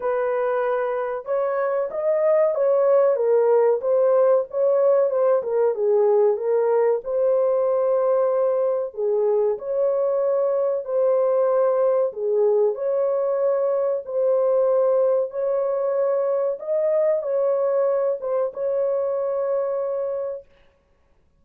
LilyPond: \new Staff \with { instrumentName = "horn" } { \time 4/4 \tempo 4 = 94 b'2 cis''4 dis''4 | cis''4 ais'4 c''4 cis''4 | c''8 ais'8 gis'4 ais'4 c''4~ | c''2 gis'4 cis''4~ |
cis''4 c''2 gis'4 | cis''2 c''2 | cis''2 dis''4 cis''4~ | cis''8 c''8 cis''2. | }